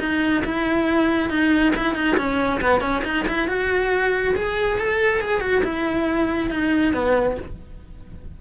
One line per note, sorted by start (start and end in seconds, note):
0.00 0.43 D#4
0.45 1.30 E4
1.30 1.74 D#4
1.76 1.95 E4
1.95 2.17 D#4
2.18 2.61 C#4
2.62 2.81 B3
2.81 3.03 C#4
3.05 3.26 D#4
3.28 3.48 E4
3.48 4.35 F#4
4.36 4.79 G#4
4.79 5.21 A4
5.21 5.41 G#4
5.41 5.63 F#4
5.64 6.51 E4
6.51 6.94 D#4
6.94 7.37 B3